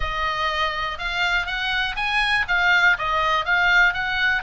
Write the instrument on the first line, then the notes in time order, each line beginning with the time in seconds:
oboe
0.00 D#5
0.98 F5
1.46 F#5
1.96 G#5
2.48 F5
2.98 D#5
3.45 F5
3.93 F#5